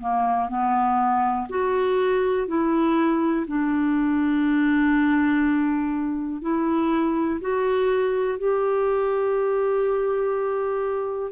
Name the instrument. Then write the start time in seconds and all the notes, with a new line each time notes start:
clarinet
0.00 A#3
0.48 B3
1.49 F#4
2.47 E4
3.47 D4
6.41 E4
7.40 F#4
8.38 G4